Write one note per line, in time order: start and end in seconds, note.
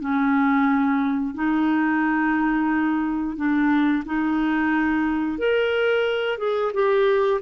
0.00 1.35 C#4
1.35 3.36 D#4
3.36 4.04 D4
4.06 5.38 D#4
5.38 6.38 A#4
6.38 6.72 G#4
6.74 7.41 G4